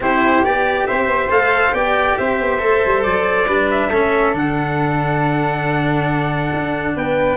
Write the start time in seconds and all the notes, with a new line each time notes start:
0.00 C4 E4 G4 C5
0.43 B3 G4 D5
0.86 C4 C5 E5
1.07 B3
1.29 A3 A4 F5
1.72 B3 G4 D5 G5
2.17 C4 C5 E5
2.40 B3
2.59 A3 A4
2.85 G3
3.03 F#3 D5
3.47 G3 D4 B4
3.70 E5
3.88 A3 C#4 A4
4.33 D3 D4 F#5
6.53 D4
6.95 B3 B4 G5